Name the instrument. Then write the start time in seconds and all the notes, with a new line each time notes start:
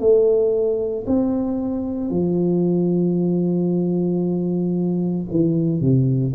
tuba
0.00 A3
1.07 C4
2.11 F3
5.31 E3
5.81 C3